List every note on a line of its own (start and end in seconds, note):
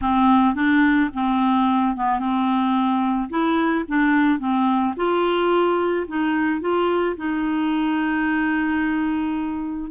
0.01 0.55 C4
0.55 1.10 D4
1.13 1.96 C4
1.96 2.19 B3
2.19 3.29 C4
3.29 3.84 E4
3.88 4.39 D4
4.39 4.94 C4
4.96 6.06 F4
6.07 6.61 D#4
6.61 7.16 F4
7.17 9.90 D#4